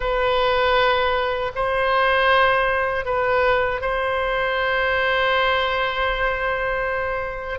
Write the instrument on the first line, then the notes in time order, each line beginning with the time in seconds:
oboe
0.00 B4
1.55 C5
3.05 B4
3.81 C5